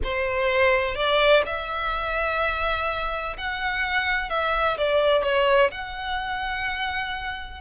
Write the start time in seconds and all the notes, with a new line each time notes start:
0.03 C5
0.95 D5
1.45 E5
3.37 F#5
4.29 E5
4.77 D5
5.23 C#5
5.71 F#5